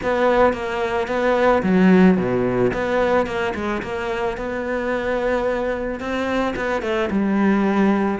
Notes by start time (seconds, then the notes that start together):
0.02 B3
0.53 A#3
1.07 B3
1.62 F#3
2.17 B2
2.73 B3
3.26 A#3
3.55 G#3
3.82 A#3
4.37 B3
6.00 C4
6.56 B3
6.82 A3
7.10 G3